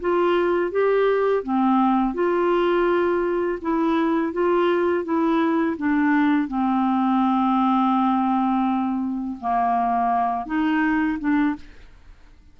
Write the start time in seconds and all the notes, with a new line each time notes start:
0.00 F4
0.71 G4
1.43 C4
2.14 F4
3.61 E4
4.32 F4
5.04 E4
5.77 D4
6.48 C4
9.40 A#3
10.46 D#4
11.19 D4